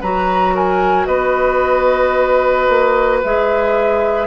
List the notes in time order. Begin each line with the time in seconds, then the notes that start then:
0.00 F#3 F#4 B4 A#5
0.54 A#4 G#5
1.05 B3 B4 D#5
2.69 A#3
3.23 G#3 G#4 E5